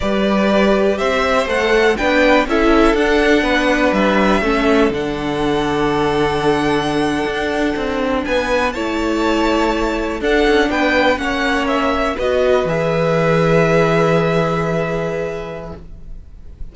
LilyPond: <<
  \new Staff \with { instrumentName = "violin" } { \time 4/4 \tempo 4 = 122 d''2 e''4 fis''4 | g''4 e''4 fis''2 | e''2 fis''2~ | fis''1~ |
fis''8. gis''4 a''2~ a''16~ | a''8. fis''4 g''4 fis''4 e''16~ | e''8. dis''4 e''2~ e''16~ | e''1 | }
  \new Staff \with { instrumentName = "violin" } { \time 4/4 b'2 c''2 | b'4 a'2 b'4~ | b'4 a'2.~ | a'1~ |
a'8. b'4 cis''2~ cis''16~ | cis''8. a'4 b'4 cis''4~ cis''16~ | cis''8. b'2.~ b'16~ | b'1 | }
  \new Staff \with { instrumentName = "viola" } { \time 4/4 g'2. a'4 | d'4 e'4 d'2~ | d'4 cis'4 d'2~ | d'1~ |
d'4.~ d'16 e'2~ e'16~ | e'8. d'2 cis'4~ cis'16~ | cis'8. fis'4 gis'2~ gis'16~ | gis'1 | }
  \new Staff \with { instrumentName = "cello" } { \time 4/4 g2 c'4 a4 | b4 cis'4 d'4 b4 | g4 a4 d2~ | d2~ d8. d'4 c'16~ |
c'8. b4 a2~ a16~ | a8. d'8 cis'8 b4 ais4~ ais16~ | ais8. b4 e2~ e16~ | e1 | }
>>